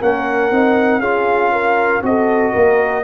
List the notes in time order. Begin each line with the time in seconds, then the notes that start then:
0.00 A#3 C#4 A#4 F#5
0.52 C4 D#4
1.00 C#4 F4 G#4 F5
1.53 A#4
2.03 C4 F#4 A4 D#5
2.53 A#3 A#4